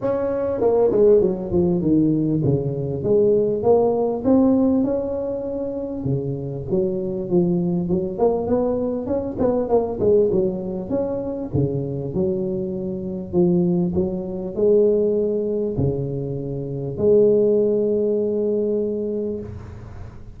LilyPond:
\new Staff \with { instrumentName = "tuba" } { \time 4/4 \tempo 4 = 99 cis'4 ais8 gis8 fis8 f8 dis4 | cis4 gis4 ais4 c'4 | cis'2 cis4 fis4 | f4 fis8 ais8 b4 cis'8 b8 |
ais8 gis8 fis4 cis'4 cis4 | fis2 f4 fis4 | gis2 cis2 | gis1 | }